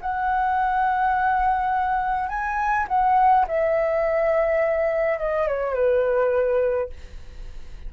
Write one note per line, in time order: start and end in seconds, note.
0.00 2.28 F#5
2.28 2.86 G#5
2.88 3.46 F#5
3.47 5.18 E5
5.18 5.47 D#5
5.47 5.74 C#5
5.74 6.89 B4